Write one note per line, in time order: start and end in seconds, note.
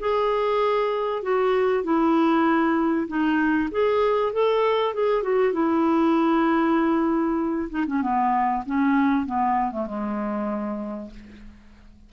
0.00 1.23 G#4
1.23 1.84 F#4
1.84 3.08 E4
3.08 3.70 D#4
3.72 4.33 G#4
4.33 4.95 A4
4.95 5.24 G#4
5.24 5.53 F#4
5.53 7.70 E4
7.70 7.86 D#4
7.87 8.02 C#4
8.02 8.64 B3
8.67 9.27 C#4
9.27 9.72 B3
9.72 9.87 A3
9.87 11.11 G#3